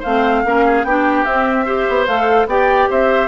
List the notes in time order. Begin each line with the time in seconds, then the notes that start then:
0.00 A3 C4 C5 F5
0.45 A#3 C#4 A#4
0.65 G#4
0.84 B3 D4 G4 G5
1.25 C4 E5
1.66 G4 C5
1.89 B3
2.07 A3 A4 F5
2.46 B3 G4 D5 G5
2.90 C4 C5 E5